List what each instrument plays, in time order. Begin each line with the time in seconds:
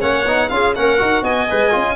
0.00 tuba A#3, trombone C#4, clarinet C#5, violin F#5
0.25 tuba B3, trombone D#4
0.49 tuba C#4, trombone F4, clarinet G#4, violin F5
0.76 tuba A#3, trombone C#4, clarinet A#4, violin F#5
0.98 tuba D#4, trombone F#4
1.22 tuba B3, clarinet D#5, violin G#5
1.50 tuba G#3, trombone B4
1.71 tuba C#4, trombone F4